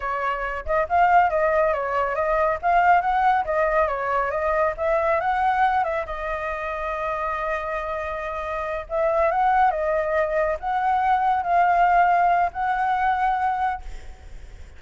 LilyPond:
\new Staff \with { instrumentName = "flute" } { \time 4/4 \tempo 4 = 139 cis''4. dis''8 f''4 dis''4 | cis''4 dis''4 f''4 fis''4 | dis''4 cis''4 dis''4 e''4 | fis''4. e''8 dis''2~ |
dis''1~ | dis''8 e''4 fis''4 dis''4.~ | dis''8 fis''2 f''4.~ | f''4 fis''2. | }